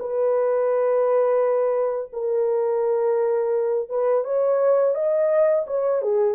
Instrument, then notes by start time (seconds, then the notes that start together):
horn
0.00 B4
2.13 A#4
3.90 B4
4.25 C#5
4.95 D#5
5.68 C#5
6.03 G#4